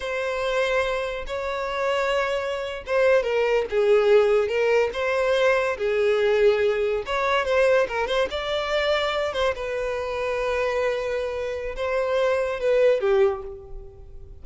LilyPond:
\new Staff \with { instrumentName = "violin" } { \time 4/4 \tempo 4 = 143 c''2. cis''4~ | cis''2~ cis''8. c''4 ais'16~ | ais'8. gis'2 ais'4 c''16~ | c''4.~ c''16 gis'2~ gis'16~ |
gis'8. cis''4 c''4 ais'8 c''8 d''16~ | d''2~ d''16 c''8 b'4~ b'16~ | b'1 | c''2 b'4 g'4 | }